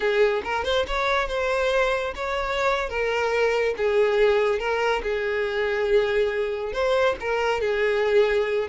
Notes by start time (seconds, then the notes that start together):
0.00 G#4
0.44 A#4
0.64 C5
0.87 C#5
1.28 C5
2.15 C#5
2.89 A#4
3.77 G#4
4.59 A#4
5.03 G#4
6.72 C5
7.20 A#4
7.60 G#4